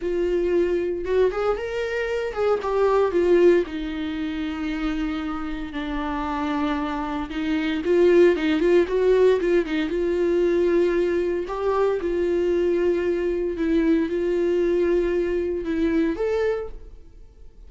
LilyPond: \new Staff \with { instrumentName = "viola" } { \time 4/4 \tempo 4 = 115 f'2 fis'8 gis'8 ais'4~ | ais'8 gis'8 g'4 f'4 dis'4~ | dis'2. d'4~ | d'2 dis'4 f'4 |
dis'8 f'8 fis'4 f'8 dis'8 f'4~ | f'2 g'4 f'4~ | f'2 e'4 f'4~ | f'2 e'4 a'4 | }